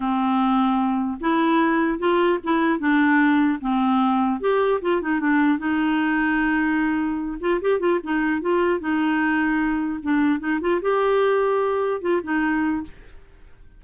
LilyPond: \new Staff \with { instrumentName = "clarinet" } { \time 4/4 \tempo 4 = 150 c'2. e'4~ | e'4 f'4 e'4 d'4~ | d'4 c'2 g'4 | f'8 dis'8 d'4 dis'2~ |
dis'2~ dis'8 f'8 g'8 f'8 | dis'4 f'4 dis'2~ | dis'4 d'4 dis'8 f'8 g'4~ | g'2 f'8 dis'4. | }